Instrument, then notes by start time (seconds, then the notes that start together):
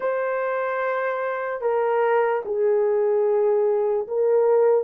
horn
0.00 C5
1.61 A#4
2.45 G#4
4.07 A#4